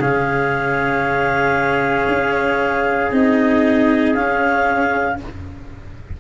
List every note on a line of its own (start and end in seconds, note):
0.00 2.07 C#3
0.00 3.11 C#4
0.00 5.17 G#4
0.00 3.12 F5
2.08 3.11 C#4
3.11 4.14 C4
3.11 4.15 D#4
3.11 4.15 D#5
4.14 5.17 C#4
4.14 5.20 C#4
4.14 5.18 F5